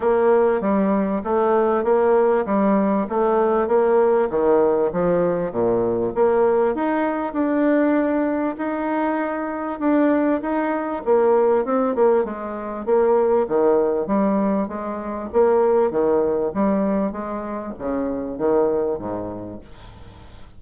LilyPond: \new Staff \with { instrumentName = "bassoon" } { \time 4/4 \tempo 4 = 98 ais4 g4 a4 ais4 | g4 a4 ais4 dis4 | f4 ais,4 ais4 dis'4 | d'2 dis'2 |
d'4 dis'4 ais4 c'8 ais8 | gis4 ais4 dis4 g4 | gis4 ais4 dis4 g4 | gis4 cis4 dis4 gis,4 | }